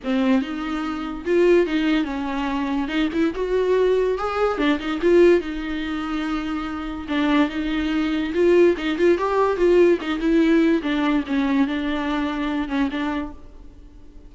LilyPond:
\new Staff \with { instrumentName = "viola" } { \time 4/4 \tempo 4 = 144 c'4 dis'2 f'4 | dis'4 cis'2 dis'8 e'8 | fis'2 gis'4 d'8 dis'8 | f'4 dis'2.~ |
dis'4 d'4 dis'2 | f'4 dis'8 f'8 g'4 f'4 | dis'8 e'4. d'4 cis'4 | d'2~ d'8 cis'8 d'4 | }